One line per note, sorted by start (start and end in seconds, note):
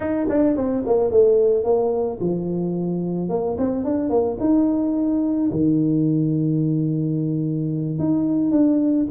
0.00 0.27 D#4
0.29 0.56 D4
0.56 0.84 C4
0.85 1.10 A#3
1.10 1.64 A3
1.64 2.19 A#3
2.20 3.29 F3
3.29 3.56 A#3
3.58 3.84 C4
3.84 4.09 D4
4.09 4.37 A#3
4.40 5.50 D#4
5.51 7.98 D#3
7.98 8.51 D#4
8.51 9.06 D4